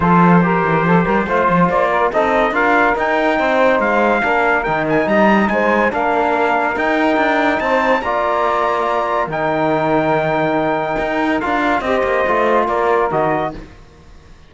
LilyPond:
<<
  \new Staff \with { instrumentName = "trumpet" } { \time 4/4 \tempo 4 = 142 c''1 | d''4 dis''4 f''4 g''4~ | g''4 f''2 g''8 gis''8 | ais''4 gis''4 f''2 |
g''2 a''4 ais''4~ | ais''2 g''2~ | g''2. f''4 | dis''2 d''4 dis''4 | }
  \new Staff \with { instrumentName = "saxophone" } { \time 4/4 a'4 ais'4 a'8 ais'8 c''4~ | c''8 ais'8 a'4 ais'2 | c''2 ais'2 | dis''4 c''4 ais'2~ |
ais'2 c''4 d''4~ | d''2 ais'2~ | ais'1 | c''2 ais'2 | }
  \new Staff \with { instrumentName = "trombone" } { \time 4/4 f'4 g'2 f'4~ | f'4 dis'4 f'4 dis'4~ | dis'2 d'4 dis'4~ | dis'2 d'2 |
dis'2. f'4~ | f'2 dis'2~ | dis'2. f'4 | g'4 f'2 fis'4 | }
  \new Staff \with { instrumentName = "cello" } { \time 4/4 f4. e8 f8 g8 a8 f8 | ais4 c'4 d'4 dis'4 | c'4 gis4 ais4 dis4 | g4 gis4 ais2 |
dis'4 d'4 c'4 ais4~ | ais2 dis2~ | dis2 dis'4 d'4 | c'8 ais8 a4 ais4 dis4 | }
>>